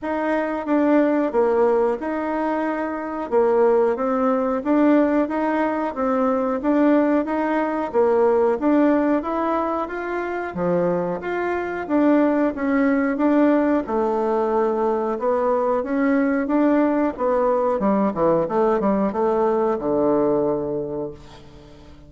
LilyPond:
\new Staff \with { instrumentName = "bassoon" } { \time 4/4 \tempo 4 = 91 dis'4 d'4 ais4 dis'4~ | dis'4 ais4 c'4 d'4 | dis'4 c'4 d'4 dis'4 | ais4 d'4 e'4 f'4 |
f4 f'4 d'4 cis'4 | d'4 a2 b4 | cis'4 d'4 b4 g8 e8 | a8 g8 a4 d2 | }